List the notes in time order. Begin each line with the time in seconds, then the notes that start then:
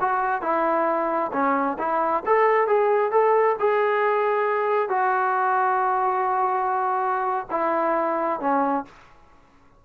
0.00 F#4
0.42 E4
1.32 C#4
1.79 E4
2.26 A4
2.67 G#4
3.11 A4
3.60 G#4
4.89 F#4
7.51 E4
8.40 C#4